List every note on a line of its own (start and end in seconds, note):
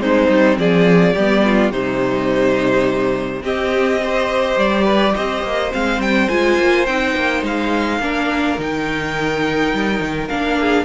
0.00 0.29 G#3
0.00 1.14 C4
0.00 0.59 D#4
0.00 0.58 C5
0.29 0.58 G3
0.58 1.15 F3
0.58 1.14 G#4
0.58 1.72 D5
1.14 1.71 G3
1.14 1.73 B3
1.14 1.42 G4
1.45 1.72 F4
1.71 3.42 C3
1.71 3.42 G3
1.71 3.44 D#4
1.71 3.43 C5
3.42 3.99 C4
3.42 4.57 C4
3.42 4.01 G4
3.42 4.59 D#5
4.03 5.72 G4
4.03 4.84 C5
4.57 5.14 G3
4.57 5.16 D5
4.84 5.13 B4
5.15 5.43 C4
5.15 8.00 C5
5.15 5.73 D#5
5.43 5.72 A#3
5.72 5.99 G#3
5.72 6.29 C4
5.72 6.01 F5
5.99 6.28 G3
5.99 6.29 G5
6.29 6.59 G#3
6.29 6.86 F4
6.29 6.86 G#5
6.59 6.87 A#3
6.86 7.16 C4
6.86 8.01 D#4
6.86 7.43 G5
7.16 7.43 A#3
7.43 8.00 G#3
7.43 8.61 F5
8.00 8.57 A#3
8.00 8.58 D4
8.00 10.60 A#4
8.58 9.73 D#3
8.58 10.30 D#4
8.58 10.29 G5
9.73 10.01 G3
10.01 10.29 D#3
10.29 10.85 A#3
10.29 10.85 D4
10.29 10.85 F5
10.61 10.85 G#4